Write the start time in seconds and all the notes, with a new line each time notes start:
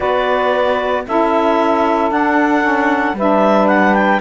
0.00 B3 F#4 B4 D5
1.07 C#4 E4 A4 E5
2.10 D4 F#5
2.61 C#4
3.13 G3 D4 B4 E5
3.67 F#5
3.93 G5